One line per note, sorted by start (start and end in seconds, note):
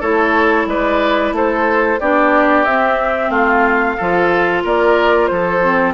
0.00 0.66 A3
0.00 1.99 E4
0.00 0.66 A4
0.00 0.67 C#5
0.66 1.31 G#3
0.66 1.35 B4
0.66 1.34 D5
1.31 1.97 A3
1.31 2.00 A4
1.31 2.00 C5
2.00 2.66 B3
2.00 2.66 D4
2.00 3.30 G4
2.00 2.65 D5
2.65 3.29 C4
2.65 3.98 C4
2.65 3.30 E5
3.29 3.95 A3
3.29 3.96 F4
3.29 4.62 F5
3.97 4.64 F3
3.97 5.62 F4
3.97 4.63 A4
4.63 5.30 A#3
4.63 5.29 A#4
4.63 5.26 D5
5.26 5.94 F3
5.26 5.94 A4
5.26 5.92 C5
5.62 5.94 C4